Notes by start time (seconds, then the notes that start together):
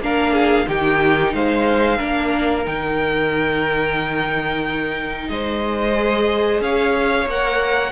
0.00 A#3 D4 A#4 F5
0.33 G#4
0.67 D#3 D#4 G4 G5
1.34 G#3 C5 F5
1.97 A#3 D4 A#4
2.65 D#3 D#4 G5
5.28 G#3 C5 D#5
5.94 G#4
6.61 C#4 C#5 F5
7.26 A#3 A#4 F#5